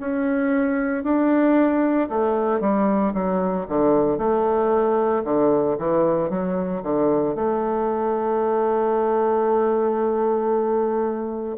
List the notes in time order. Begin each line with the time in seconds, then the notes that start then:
0.00 C#4
1.03 D4
2.09 A3
2.60 G3
3.13 F#3
3.68 D3
4.18 A3
5.24 D3
5.78 E3
6.30 F#3
6.82 D3
7.35 A3